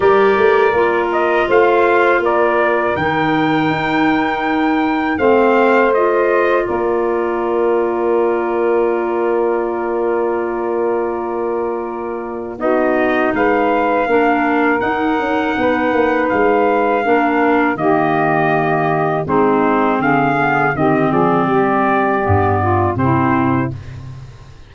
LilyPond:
<<
  \new Staff \with { instrumentName = "trumpet" } { \time 4/4 \tempo 4 = 81 d''4. dis''8 f''4 d''4 | g''2. f''4 | dis''4 d''2.~ | d''1~ |
d''4 dis''4 f''2 | fis''2 f''2 | dis''2 c''4 f''4 | dis''8 d''2~ d''8 c''4 | }
  \new Staff \with { instrumentName = "saxophone" } { \time 4/4 ais'2 c''4 ais'4~ | ais'2. c''4~ | c''4 ais'2.~ | ais'1~ |
ais'4 fis'4 b'4 ais'4~ | ais'4 b'2 ais'4 | g'2 dis'4 gis'4 | g'8 gis'8 g'4. f'8 e'4 | }
  \new Staff \with { instrumentName = "clarinet" } { \time 4/4 g'4 f'2. | dis'2. c'4 | f'1~ | f'1~ |
f'4 dis'2 d'4 | dis'2. d'4 | ais2 c'4. b8 | c'2 b4 c'4 | }
  \new Staff \with { instrumentName = "tuba" } { \time 4/4 g8 a8 ais4 a4 ais4 | dis4 dis'2 a4~ | a4 ais2.~ | ais1~ |
ais4 b4 gis4 ais4 | dis'8 cis'8 b8 ais8 gis4 ais4 | dis2 gis4 d4 | dis8 f8 g4 g,4 c4 | }
>>